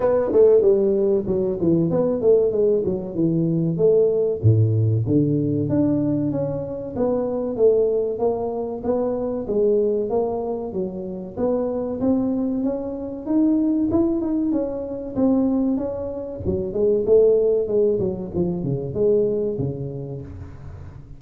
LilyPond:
\new Staff \with { instrumentName = "tuba" } { \time 4/4 \tempo 4 = 95 b8 a8 g4 fis8 e8 b8 a8 | gis8 fis8 e4 a4 a,4 | d4 d'4 cis'4 b4 | a4 ais4 b4 gis4 |
ais4 fis4 b4 c'4 | cis'4 dis'4 e'8 dis'8 cis'4 | c'4 cis'4 fis8 gis8 a4 | gis8 fis8 f8 cis8 gis4 cis4 | }